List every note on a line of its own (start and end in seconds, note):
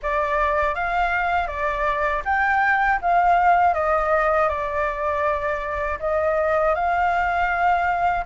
0.02 0.75 D5
0.75 1.47 F5
1.47 2.22 D5
2.24 2.99 G5
3.01 3.74 F5
3.74 4.49 D#5
4.49 5.99 D5
5.99 6.74 D#5
6.75 8.25 F5